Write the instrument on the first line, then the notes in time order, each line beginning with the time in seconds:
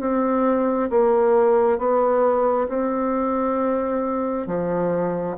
bassoon
0.00 C4
0.90 A#3
1.78 B3
2.68 C4
4.47 F3